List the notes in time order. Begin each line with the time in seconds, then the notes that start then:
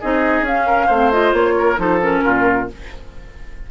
0.00 C4 D#4 G#4 D#5
0.41 C#4 F5
0.49 C#4
0.67 A#4
0.86 A3 C4 C5
1.11 F4 D#5
1.32 A#3 C#5
1.58 A#4
1.76 F3 D#4 A4 C5
2.01 C#4 A#4
2.24 A#2 F4